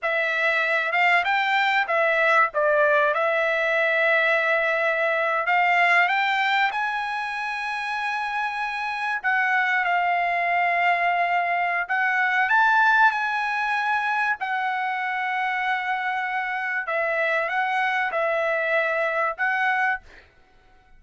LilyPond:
\new Staff \with { instrumentName = "trumpet" } { \time 4/4 \tempo 4 = 96 e''4. f''8 g''4 e''4 | d''4 e''2.~ | e''8. f''4 g''4 gis''4~ gis''16~ | gis''2~ gis''8. fis''4 f''16~ |
f''2. fis''4 | a''4 gis''2 fis''4~ | fis''2. e''4 | fis''4 e''2 fis''4 | }